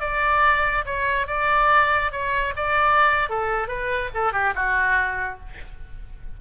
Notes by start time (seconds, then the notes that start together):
0.00 D5
0.85 C#5
1.27 D5
2.11 C#5
2.56 D5
3.29 A4
3.67 B4
4.14 A4
4.32 G4
4.54 F#4